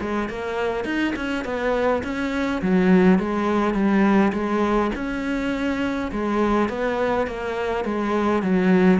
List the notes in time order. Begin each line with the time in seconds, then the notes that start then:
0.00 G#3
0.29 A#3
0.84 D#4
1.15 C#4
1.44 B3
2.03 C#4
2.61 F#3
3.19 G#3
3.74 G3
4.32 G#3
4.95 C#4
6.11 G#3
6.68 B3
7.27 A#3
7.84 G#3
8.42 F#3